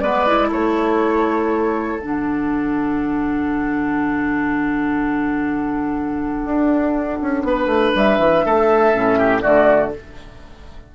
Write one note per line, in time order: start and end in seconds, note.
0.00 0.51 G#3
0.00 0.26 B3
0.00 0.48 B4
0.00 0.50 D5
0.26 2.00 E4
0.48 2.00 A3
0.48 7.42 A4
0.48 2.00 C#5
2.00 6.45 D3
2.00 8.93 D4
2.00 7.95 F#5
6.45 7.19 D4
7.21 7.43 C#4
7.43 7.66 B3
7.43 8.45 B4
7.66 7.90 A3
7.95 8.18 G3
7.95 9.41 E5
8.18 8.43 E3
8.45 8.95 A3
8.45 9.18 A4
8.93 9.44 A2
8.93 9.41 C#4
9.18 9.41 G4
9.41 9.95 D3
9.41 9.90 A3
9.41 9.91 F#4
9.41 9.91 D5